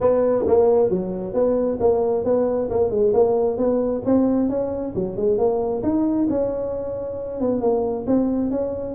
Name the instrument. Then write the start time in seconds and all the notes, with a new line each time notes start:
tuba
0.01 B3
0.46 A#3
0.89 F#3
1.33 B3
1.80 A#3
2.24 B3
2.70 A#3
2.90 G#3
3.13 A#3
3.57 B3
4.05 C4
4.49 C#4
4.95 F#3
5.16 G#3
5.37 A#3
5.82 D#4
6.29 C#4
7.40 B3
7.60 A#3
8.06 C4
8.51 C#4